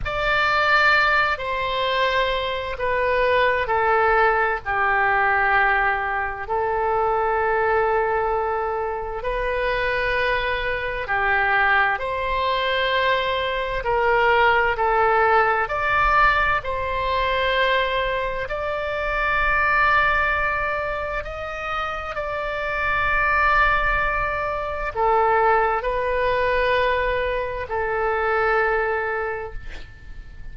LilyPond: \new Staff \with { instrumentName = "oboe" } { \time 4/4 \tempo 4 = 65 d''4. c''4. b'4 | a'4 g'2 a'4~ | a'2 b'2 | g'4 c''2 ais'4 |
a'4 d''4 c''2 | d''2. dis''4 | d''2. a'4 | b'2 a'2 | }